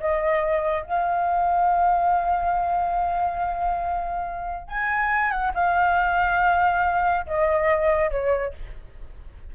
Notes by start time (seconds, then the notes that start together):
0.00 D#5
0.83 F5
4.68 G#5
5.31 F#5
5.54 F5
7.26 D#5
8.10 C#5